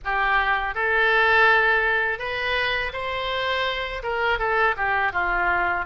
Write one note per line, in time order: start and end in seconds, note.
0.04 0.75 G4
0.75 2.18 A4
2.18 2.91 B4
2.92 4.02 C5
4.02 4.38 A#4
4.38 4.75 A4
4.77 5.12 G4
5.12 5.85 F4